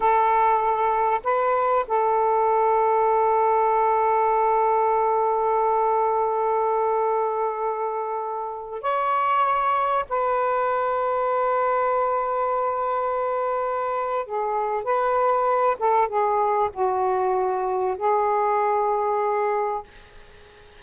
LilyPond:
\new Staff \with { instrumentName = "saxophone" } { \time 4/4 \tempo 4 = 97 a'2 b'4 a'4~ | a'1~ | a'1~ | a'2~ a'16 cis''4.~ cis''16~ |
cis''16 b'2.~ b'8.~ | b'2. gis'4 | b'4. a'8 gis'4 fis'4~ | fis'4 gis'2. | }